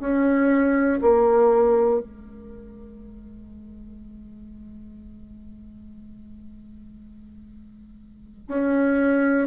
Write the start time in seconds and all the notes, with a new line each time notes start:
0.00 C#4
1.01 A#3
2.00 G#3
8.48 C#4